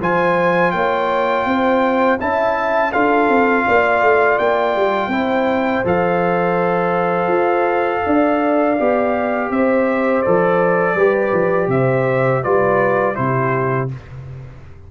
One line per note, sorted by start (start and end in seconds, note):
0.00 0.73 F3
0.00 2.19 F4
0.00 0.73 C5
0.00 0.71 G#5
0.71 1.45 A#3
0.71 1.47 C#5
0.71 2.17 G5
1.45 2.19 C4
1.45 2.20 C5
2.19 2.93 C#4
2.19 2.92 E4
2.19 2.92 E5
2.19 2.92 A5
2.92 3.28 D4
2.92 5.11 F4
2.92 3.65 A4
2.92 4.38 F5
3.28 3.65 C4
3.66 4.02 A#3
3.66 5.10 D5
4.02 4.39 A3
4.38 4.76 A#3
4.38 5.85 G5
4.76 5.07 G3
5.07 5.81 C4
5.07 5.84 E4
5.07 8.03 C5
5.85 7.27 F3
5.85 8.77 A4
5.85 9.52 F5
7.27 8.01 F4
8.06 8.79 D4
8.06 9.52 D5
8.78 9.50 B3
8.78 10.25 G4
9.50 10.23 C4
9.50 10.95 C5
9.50 10.22 E5
10.22 10.95 F3
10.22 10.98 A4
10.22 11.68 D5
10.95 11.31 G3
10.95 12.44 G4
10.95 11.68 B4
11.33 11.67 F3
11.67 12.41 C3
11.67 12.43 C5
11.67 12.43 E5
12.43 13.17 G3
12.43 13.15 F4
12.43 13.16 B4
12.43 13.15 D5
13.15 13.91 C3
13.15 13.88 E4
13.15 13.91 G4
13.15 13.88 C5